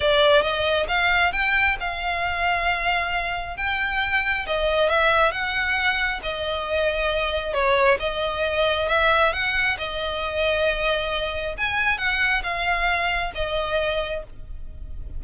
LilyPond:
\new Staff \with { instrumentName = "violin" } { \time 4/4 \tempo 4 = 135 d''4 dis''4 f''4 g''4 | f''1 | g''2 dis''4 e''4 | fis''2 dis''2~ |
dis''4 cis''4 dis''2 | e''4 fis''4 dis''2~ | dis''2 gis''4 fis''4 | f''2 dis''2 | }